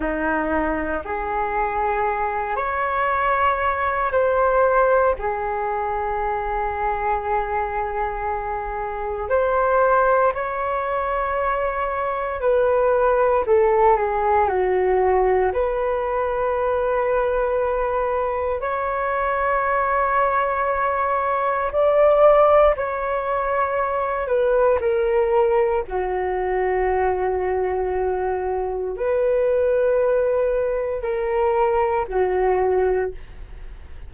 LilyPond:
\new Staff \with { instrumentName = "flute" } { \time 4/4 \tempo 4 = 58 dis'4 gis'4. cis''4. | c''4 gis'2.~ | gis'4 c''4 cis''2 | b'4 a'8 gis'8 fis'4 b'4~ |
b'2 cis''2~ | cis''4 d''4 cis''4. b'8 | ais'4 fis'2. | b'2 ais'4 fis'4 | }